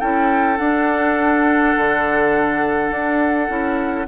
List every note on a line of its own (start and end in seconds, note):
0.00 0.59 C#4
0.00 0.59 E4
0.00 4.08 A4
0.00 0.58 G5
0.58 1.76 D4
0.58 3.49 D4
0.58 4.07 F#5
1.77 2.91 D3
2.91 3.49 D4
3.49 4.08 C#4
3.49 4.07 E4